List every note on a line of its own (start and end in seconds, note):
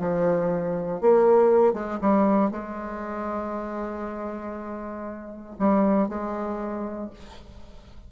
0.00 1.01 F3
1.01 1.74 A#3
1.74 1.99 G#3
2.01 2.51 G3
2.51 5.56 G#3
5.59 6.09 G3
6.09 7.10 G#3